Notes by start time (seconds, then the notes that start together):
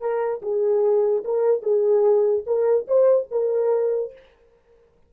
0.00 A#4
0.42 G#4
1.24 A#4
1.62 G#4
2.46 A#4
2.87 C5
3.31 A#4